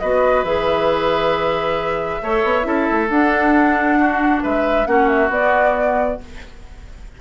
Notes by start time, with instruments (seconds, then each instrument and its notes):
0.00 bassoon B3, clarinet F#4, oboe B4, flute D#5
0.44 bassoon E3, clarinet G#4, flute E5
2.23 bassoon A3, clarinet A4, oboe C#5
2.44 bassoon B3
2.63 bassoon C#4, clarinet E4, oboe A4
2.92 bassoon A3
3.10 bassoon D4, clarinet D4, flute F#5
3.99 oboe F#4
4.43 bassoon G#3, oboe B4, flute E5
4.86 bassoon A#3, clarinet C#4, oboe F#4, flute F#5
5.09 flute E5
5.29 bassoon B3, clarinet B3, flute D5